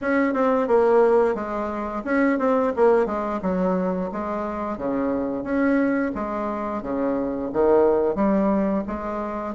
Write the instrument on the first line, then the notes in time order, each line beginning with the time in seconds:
bassoon
0.01 C#4
0.33 C4
0.67 A#3
1.35 G#3
2.04 C#4
2.39 C4
2.76 A#3
3.06 G#3
3.42 F#3
4.12 G#3
4.77 C#3
5.43 C#4
6.14 G#3
6.82 C#3
7.52 D#3
8.15 G3
8.87 G#3